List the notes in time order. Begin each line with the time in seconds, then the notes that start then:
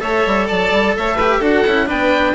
0.00 A3 A4 C#5 E5
0.27 G3
0.48 F#3 D5 A5
0.72 G3
0.97 A3 C#5 E5
1.16 G4 B4
1.39 D4 F#4 A4
1.46 F#5
1.67 C#4 E4
1.87 B3 D4 B4 G5